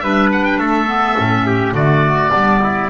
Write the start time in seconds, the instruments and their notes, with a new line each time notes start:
0.00 double bass G3, clarinet D4, trumpet B4, oboe E5
0.32 oboe F#5
0.45 oboe G5
0.58 double bass A3, trumpet A4, oboe E5
0.87 clarinet B3
1.17 double bass A2, clarinet C#4
1.47 trumpet G4
1.73 double bass D3, clarinet A3, trumpet F#4, oboe D5
2.31 double bass G3, clarinet B3, trumpet D4
2.63 trumpet E4